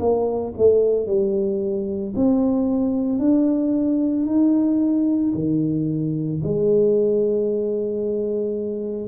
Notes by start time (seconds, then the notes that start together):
0.00 A#3
0.58 A3
1.07 G3
2.16 C4
3.19 D4
4.27 D#4
5.35 D#3
6.44 G#3